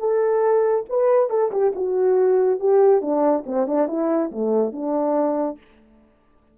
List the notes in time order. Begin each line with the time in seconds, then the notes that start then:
0.00 A4
0.90 B4
1.30 A4
1.52 G4
1.76 F#4
2.60 G4
3.02 D4
3.47 C4
3.68 D4
3.88 E4
4.32 A3
4.73 D4